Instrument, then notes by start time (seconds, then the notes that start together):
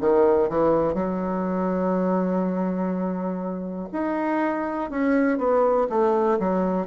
bassoon
0.00 D#3
0.49 E3
0.93 F#3
3.92 D#4
4.90 C#4
5.37 B3
5.89 A3
6.39 F#3